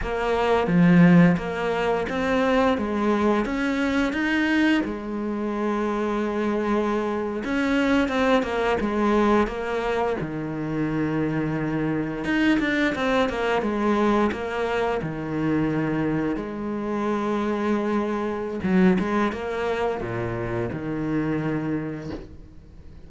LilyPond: \new Staff \with { instrumentName = "cello" } { \time 4/4 \tempo 4 = 87 ais4 f4 ais4 c'4 | gis4 cis'4 dis'4 gis4~ | gis2~ gis8. cis'4 c'16~ | c'16 ais8 gis4 ais4 dis4~ dis16~ |
dis4.~ dis16 dis'8 d'8 c'8 ais8 gis16~ | gis8. ais4 dis2 gis16~ | gis2. fis8 gis8 | ais4 ais,4 dis2 | }